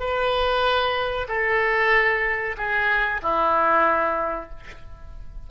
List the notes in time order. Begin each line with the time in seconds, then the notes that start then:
0.00 B4
1.28 A4
2.58 G#4
3.22 E4